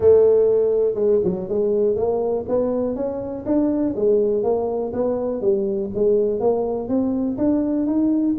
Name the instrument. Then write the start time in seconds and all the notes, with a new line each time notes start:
tuba
0.00 A3
0.95 G#3
1.24 F#3
1.49 G#3
1.96 A#3
2.48 B3
2.95 C#4
3.45 D4
3.95 G#3
4.43 A#3
4.92 B3
5.41 G3
5.94 G#3
6.40 A#3
6.88 C4
7.37 D4
7.86 D#4